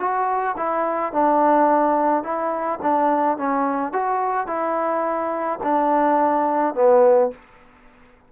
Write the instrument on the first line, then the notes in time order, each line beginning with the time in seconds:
trombone
0.00 F#4
0.57 E4
1.13 D4
2.24 E4
2.83 D4
3.38 C#4
3.93 F#4
4.48 E4
5.64 D4
6.75 B3